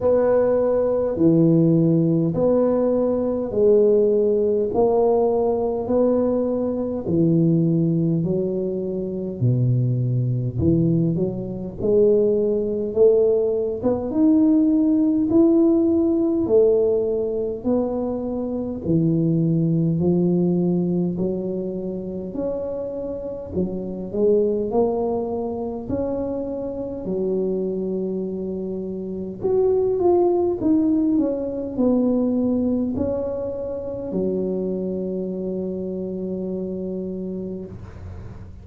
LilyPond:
\new Staff \with { instrumentName = "tuba" } { \time 4/4 \tempo 4 = 51 b4 e4 b4 gis4 | ais4 b4 e4 fis4 | b,4 e8 fis8 gis4 a8. b16 | dis'4 e'4 a4 b4 |
e4 f4 fis4 cis'4 | fis8 gis8 ais4 cis'4 fis4~ | fis4 fis'8 f'8 dis'8 cis'8 b4 | cis'4 fis2. | }